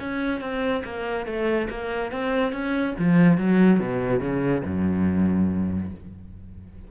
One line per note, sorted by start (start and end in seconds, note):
0.00 0.41 C#4
0.41 0.83 C4
0.85 1.26 A#3
1.26 1.69 A3
1.70 2.12 A#3
2.12 2.53 C4
2.53 2.95 C#4
2.99 3.38 F3
3.38 3.80 F#3
3.80 4.20 B2
4.20 4.62 C#3
4.65 5.92 F#2